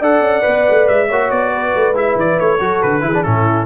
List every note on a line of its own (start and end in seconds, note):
0.00 0.21 D4
0.00 0.42 A4
0.00 1.08 D5
0.00 0.88 F#5
0.21 0.42 C#4
0.42 0.68 B3
0.42 1.06 B4
0.69 0.89 A3
0.88 1.10 G#3
0.88 1.31 E5
1.08 1.31 A#3
1.08 1.94 F#4
1.08 1.52 C#5
1.31 1.74 B3
1.31 1.95 D5
1.54 2.61 B4
1.76 1.93 A3
1.93 2.14 G#3
1.93 2.59 E4
1.93 2.18 E5
2.16 2.37 E3
2.16 2.39 D5
2.39 2.60 A3
2.39 2.82 C#5
2.60 2.82 F#3
2.60 3.01 F#4
2.60 3.04 A4
2.82 3.03 D3
2.82 3.23 B4
3.01 3.24 E3
3.01 3.12 E4
3.01 3.25 G#4
3.14 3.24 D4
3.23 3.66 A2
3.23 3.66 C#4
3.23 3.66 E4
3.23 3.66 A4